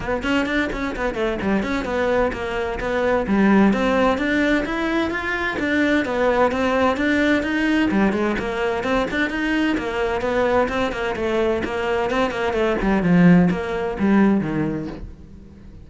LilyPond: \new Staff \with { instrumentName = "cello" } { \time 4/4 \tempo 4 = 129 b8 cis'8 d'8 cis'8 b8 a8 g8 cis'8 | b4 ais4 b4 g4 | c'4 d'4 e'4 f'4 | d'4 b4 c'4 d'4 |
dis'4 g8 gis8 ais4 c'8 d'8 | dis'4 ais4 b4 c'8 ais8 | a4 ais4 c'8 ais8 a8 g8 | f4 ais4 g4 dis4 | }